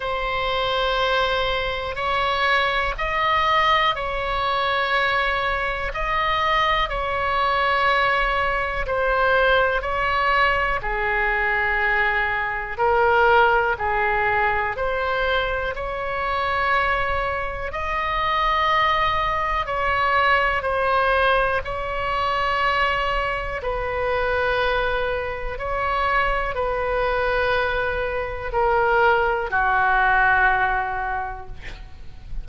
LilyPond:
\new Staff \with { instrumentName = "oboe" } { \time 4/4 \tempo 4 = 61 c''2 cis''4 dis''4 | cis''2 dis''4 cis''4~ | cis''4 c''4 cis''4 gis'4~ | gis'4 ais'4 gis'4 c''4 |
cis''2 dis''2 | cis''4 c''4 cis''2 | b'2 cis''4 b'4~ | b'4 ais'4 fis'2 | }